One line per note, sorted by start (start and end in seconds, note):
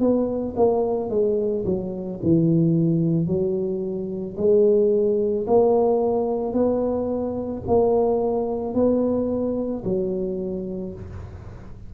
0.00 0.55 B3
0.57 1.10 A#3
1.10 1.64 G#3
1.66 2.20 F#3
2.23 3.27 E3
3.27 4.36 F#3
4.37 5.46 G#3
5.47 6.54 A#3
6.54 7.63 B3
7.68 8.74 A#3
8.74 9.83 B3
9.84 10.93 F#3